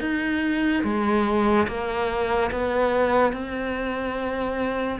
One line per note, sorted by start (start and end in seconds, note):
0.00 0.83 D#4
0.84 1.67 G#3
1.67 2.51 A#3
2.51 3.33 B3
3.33 5.00 C4